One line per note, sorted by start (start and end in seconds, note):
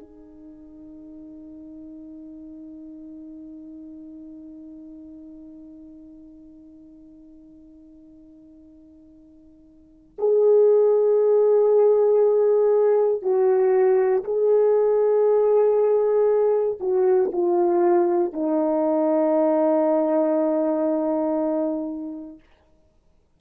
0.00 10.17 D#4
10.19 13.22 G#4
13.22 14.24 F#4
14.25 16.79 G#4
16.80 17.31 F#4
17.33 18.33 F4
18.33 22.40 D#4